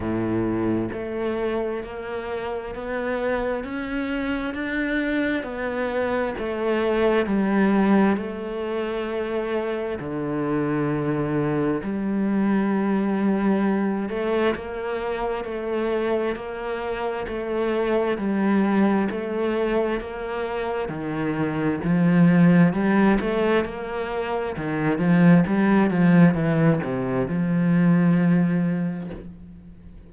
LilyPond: \new Staff \with { instrumentName = "cello" } { \time 4/4 \tempo 4 = 66 a,4 a4 ais4 b4 | cis'4 d'4 b4 a4 | g4 a2 d4~ | d4 g2~ g8 a8 |
ais4 a4 ais4 a4 | g4 a4 ais4 dis4 | f4 g8 a8 ais4 dis8 f8 | g8 f8 e8 c8 f2 | }